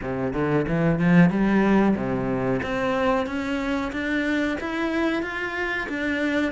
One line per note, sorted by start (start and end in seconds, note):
0.01 0.33 C3
0.33 0.66 D3
0.68 0.99 E3
0.99 1.30 F3
1.30 1.95 G3
1.96 2.61 C3
2.62 3.26 C4
3.26 3.91 C#4
3.92 4.57 D4
4.60 5.22 E4
5.22 5.87 F4
5.88 6.52 D4